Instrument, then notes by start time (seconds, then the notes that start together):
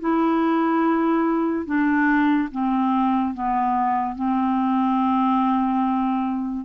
clarinet
0.00 E4
1.66 D4
2.52 C4
3.34 B3
4.15 C4